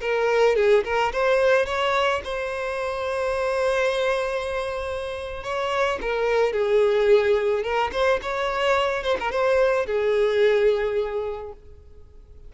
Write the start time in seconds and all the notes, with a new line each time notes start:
0.00 A#4
0.56 G#4
0.84 A#4
1.12 C5
1.65 C#5
2.23 C5
5.43 C#5
6.01 A#4
6.52 G#4
7.63 A#4
7.92 C5
8.22 C#5
9.03 C5
9.19 A#4
9.31 C5
9.86 G#4